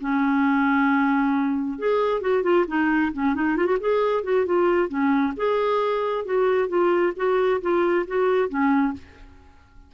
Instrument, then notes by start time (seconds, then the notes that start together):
clarinet
0.00 C#4
1.78 G#4
2.21 F#4
2.43 F4
2.67 D#4
3.13 C#4
3.34 D#4
3.57 F4
3.66 F#4
3.80 G#4
4.23 F#4
4.46 F4
4.88 C#4
5.36 G#4
6.25 F#4
6.68 F4
7.16 F#4
7.61 F4
8.07 F#4
8.49 C#4